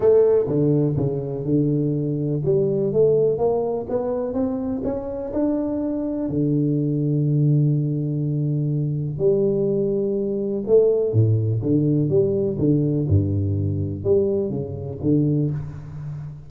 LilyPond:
\new Staff \with { instrumentName = "tuba" } { \time 4/4 \tempo 4 = 124 a4 d4 cis4 d4~ | d4 g4 a4 ais4 | b4 c'4 cis'4 d'4~ | d'4 d2.~ |
d2. g4~ | g2 a4 a,4 | d4 g4 d4 g,4~ | g,4 g4 cis4 d4 | }